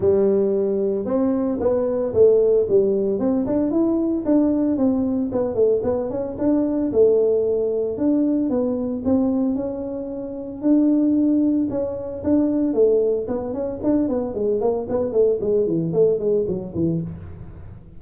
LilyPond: \new Staff \with { instrumentName = "tuba" } { \time 4/4 \tempo 4 = 113 g2 c'4 b4 | a4 g4 c'8 d'8 e'4 | d'4 c'4 b8 a8 b8 cis'8 | d'4 a2 d'4 |
b4 c'4 cis'2 | d'2 cis'4 d'4 | a4 b8 cis'8 d'8 b8 gis8 ais8 | b8 a8 gis8 e8 a8 gis8 fis8 e8 | }